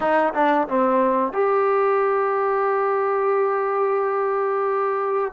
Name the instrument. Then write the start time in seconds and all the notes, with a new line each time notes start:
trombone
0.00 D#4
0.34 D4
0.68 C4
1.32 G4